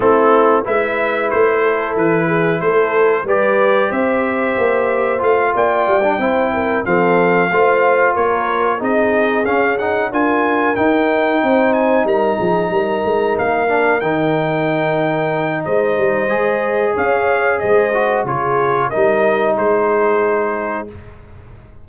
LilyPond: <<
  \new Staff \with { instrumentName = "trumpet" } { \time 4/4 \tempo 4 = 92 a'4 e''4 c''4 b'4 | c''4 d''4 e''2 | f''8 g''2 f''4.~ | f''8 cis''4 dis''4 f''8 fis''8 gis''8~ |
gis''8 g''4. gis''8 ais''4.~ | ais''8 f''4 g''2~ g''8 | dis''2 f''4 dis''4 | cis''4 dis''4 c''2 | }
  \new Staff \with { instrumentName = "horn" } { \time 4/4 e'4 b'4. a'4 gis'8 | a'4 b'4 c''2~ | c''8 d''4 c''8 ais'8 a'4 c''8~ | c''8 ais'4 gis'2 ais'8~ |
ais'4. c''4 ais'8 gis'8 ais'8~ | ais'1 | c''2 cis''4 c''4 | gis'4 ais'4 gis'2 | }
  \new Staff \with { instrumentName = "trombone" } { \time 4/4 c'4 e'2.~ | e'4 g'2. | f'4~ f'16 d'16 e'4 c'4 f'8~ | f'4. dis'4 cis'8 dis'8 f'8~ |
f'8 dis'2.~ dis'8~ | dis'4 d'8 dis'2~ dis'8~ | dis'4 gis'2~ gis'8 fis'8 | f'4 dis'2. | }
  \new Staff \with { instrumentName = "tuba" } { \time 4/4 a4 gis4 a4 e4 | a4 g4 c'4 ais4 | a8 ais8 g8 c'4 f4 a8~ | a8 ais4 c'4 cis'4 d'8~ |
d'8 dis'4 c'4 g8 f8 g8 | gis8 ais4 dis2~ dis8 | gis8 g8 gis4 cis'4 gis4 | cis4 g4 gis2 | }
>>